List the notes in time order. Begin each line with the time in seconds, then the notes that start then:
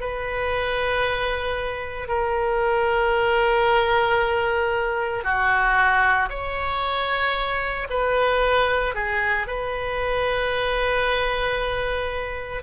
0.00 B4
2.08 A#4
5.24 F#4
6.29 C#5
7.90 B4
8.94 G#4
9.47 B4